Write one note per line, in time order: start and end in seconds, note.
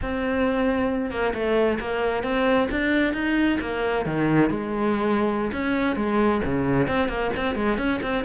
0.01 1.10 C4
1.10 1.33 A#3
1.33 1.79 A3
1.80 2.23 A#3
2.23 2.68 C4
2.70 3.13 D4
3.13 3.58 D#4
3.60 4.05 A#3
4.05 4.49 D#3
4.49 5.51 G#3
5.52 5.96 C#4
5.96 6.41 G#3
6.44 6.87 C#3
6.87 7.08 C4
7.08 7.30 A#3
7.36 7.55 C4
7.55 7.77 G#3
7.77 8.00 C#4
8.02 8.24 C4